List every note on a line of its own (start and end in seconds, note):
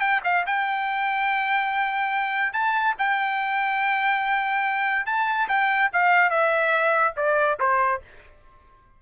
0.00 0.21 G5
0.24 0.45 F5
0.46 2.53 G5
2.53 2.95 A5
2.99 5.06 G5
5.06 5.48 A5
5.49 5.91 G5
5.93 6.30 F5
6.30 7.14 E5
7.17 7.58 D5
7.60 8.02 C5